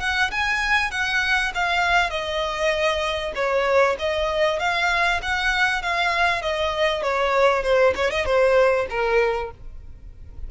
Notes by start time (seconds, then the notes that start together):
0.00 F#5
0.31 G#5
0.91 F#5
1.55 F5
2.10 D#5
3.35 C#5
3.99 D#5
4.60 F5
5.22 F#5
5.82 F5
6.42 D#5
7.03 C#5
7.63 C5
7.96 C#5
8.11 D#5
8.26 C5
8.90 A#4